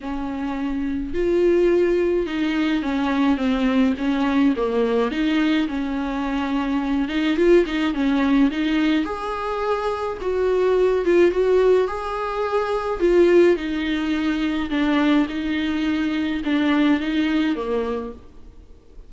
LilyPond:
\new Staff \with { instrumentName = "viola" } { \time 4/4 \tempo 4 = 106 cis'2 f'2 | dis'4 cis'4 c'4 cis'4 | ais4 dis'4 cis'2~ | cis'8 dis'8 f'8 dis'8 cis'4 dis'4 |
gis'2 fis'4. f'8 | fis'4 gis'2 f'4 | dis'2 d'4 dis'4~ | dis'4 d'4 dis'4 ais4 | }